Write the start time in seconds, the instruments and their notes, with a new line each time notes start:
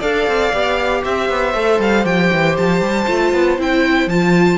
0.00 cello D4, viola A4, violin D5 F5
0.28 cello C4
0.53 cello B3, viola G4
1.04 cello C4, violin C5 E5
1.30 cello B3
1.55 cello A3, viola A4
1.80 cello G3, violin F5
2.04 cello F3, viola G4, violin G5
2.32 cello E3
2.58 cello F3, violin A5
2.81 cello G3
3.08 cello A3, viola F4
3.33 cello B3
3.59 cello C4, viola E4, violin G5
4.07 cello F3, viola F4, violin A5